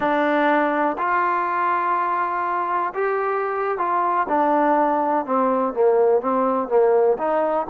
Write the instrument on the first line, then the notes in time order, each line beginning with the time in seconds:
trombone
0.00 D4
0.98 F4
2.94 G4
3.78 F4
4.28 D4
5.25 C4
5.73 A#3
6.21 C4
6.68 A#3
7.18 D#4